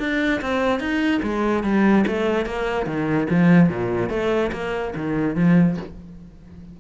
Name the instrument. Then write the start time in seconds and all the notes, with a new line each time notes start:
cello
0.00 D4
0.42 C4
0.80 D#4
1.23 G#3
1.64 G3
2.07 A3
2.46 A#3
2.87 D#3
3.30 F3
3.70 A#2
4.10 A3
4.53 A#3
4.96 D#3
5.36 F3